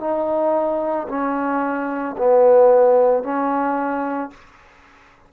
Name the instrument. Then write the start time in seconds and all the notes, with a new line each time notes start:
trombone
0.00 D#4
1.09 C#4
2.18 B3
3.23 C#4